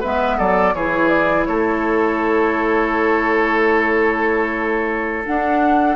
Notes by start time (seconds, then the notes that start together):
0.00 G#3 B3 B4 E5
0.37 F#3 A4 D5
0.74 E3 E4 G#4 C#5
1.08 D5
1.45 A3 A4 C#5
5.25 D4 F#5